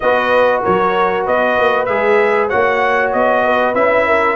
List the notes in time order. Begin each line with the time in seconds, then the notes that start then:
0.00 B3 F#4 B4 D#5
0.62 F#3 A#4 C#5
1.25 B3 B4 D#5
1.58 A#3
1.85 G#3 G#4 E5
2.48 A#3 F#4 C#5 F#5
3.12 B3 D#5
3.44 B4
3.74 C#4 E4 E5
4.06 A#4